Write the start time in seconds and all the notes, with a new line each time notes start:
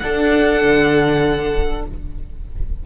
0.00 D4 A4 F#5
0.64 D3